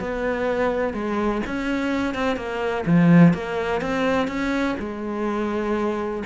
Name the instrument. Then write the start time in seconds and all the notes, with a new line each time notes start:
cello
0.00 B3
0.94 G#3
1.47 C#4
2.15 C4
2.37 A#3
2.86 F3
3.34 A#3
3.82 C4
4.28 C#4
4.79 G#3